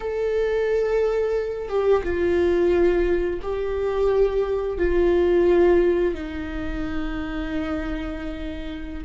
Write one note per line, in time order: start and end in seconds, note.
0.00 1.68 A4
1.68 2.02 G4
2.03 3.40 F4
3.42 4.78 G4
4.78 6.14 F4
6.14 9.04 D#4